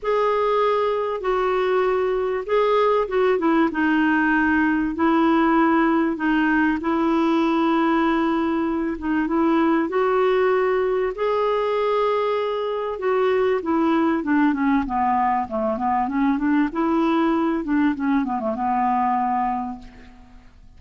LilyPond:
\new Staff \with { instrumentName = "clarinet" } { \time 4/4 \tempo 4 = 97 gis'2 fis'2 | gis'4 fis'8 e'8 dis'2 | e'2 dis'4 e'4~ | e'2~ e'8 dis'8 e'4 |
fis'2 gis'2~ | gis'4 fis'4 e'4 d'8 cis'8 | b4 a8 b8 cis'8 d'8 e'4~ | e'8 d'8 cis'8 b16 a16 b2 | }